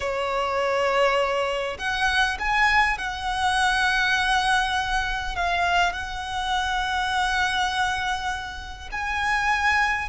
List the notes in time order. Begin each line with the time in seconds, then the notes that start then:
0.00 C#5
1.78 F#5
2.39 G#5
2.98 F#5
5.35 F5
5.92 F#5
8.91 G#5